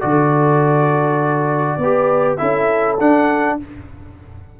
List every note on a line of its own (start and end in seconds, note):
0.00 1.77 D3
0.00 1.79 F#4
0.00 1.79 A4
0.00 2.37 D5
1.77 2.37 B3
1.77 2.37 G4
1.77 2.38 B4
2.37 2.99 C#4
2.37 2.97 E4
2.37 3.57 A4
2.37 2.96 E5
2.99 3.58 D4
2.99 3.59 D4
2.99 3.59 F#5